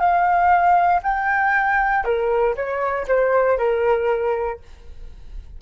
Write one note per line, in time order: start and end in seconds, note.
0.00 1.02 F5
1.03 2.05 G5
2.05 2.55 A#4
2.56 3.06 C#5
3.08 3.58 C5
3.58 4.60 A#4